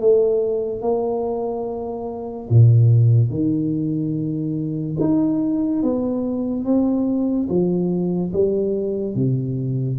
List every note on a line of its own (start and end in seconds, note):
0.00 0.81 A3
0.81 2.48 A#3
2.49 3.30 A#2
3.30 4.97 D#3
5.00 5.83 D#4
5.83 6.64 B3
6.64 7.48 C4
7.48 8.32 F3
8.32 9.15 G3
9.15 9.98 C3